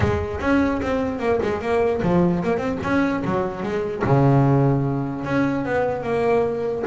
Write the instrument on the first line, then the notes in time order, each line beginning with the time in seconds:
double bass
0.00 G#3
0.40 C#4
0.82 C4
1.19 A#3
1.42 G#3
1.61 A#3
2.02 F3
2.43 A#3
2.57 C4
2.83 C#4
3.24 F#3
3.62 G#3
4.03 C#3
5.25 C#4
5.65 B3
6.03 A#3